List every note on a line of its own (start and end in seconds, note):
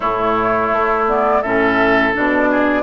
0.00 0.72 A2
0.00 1.06 A3
0.00 1.42 E4
0.00 1.06 C#5
0.72 1.43 A3
1.07 1.42 B3
1.07 1.42 D5
1.42 2.15 A2
1.42 2.12 C#4
1.42 2.49 A4
1.42 2.13 E5
2.12 2.82 B2
2.12 2.82 D4
2.12 2.82 D5
2.50 2.82 G#4